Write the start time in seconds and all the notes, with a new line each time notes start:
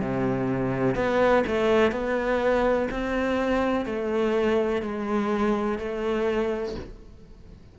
0.00 C3
0.95 B3
1.46 A3
1.91 B3
2.90 C4
3.85 A3
4.82 G#3
5.78 A3